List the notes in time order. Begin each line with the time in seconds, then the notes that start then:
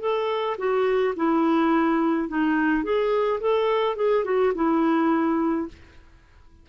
0.00 A4
0.58 F#4
1.16 E4
2.28 D#4
2.83 G#4
3.40 A4
3.96 G#4
4.24 F#4
4.55 E4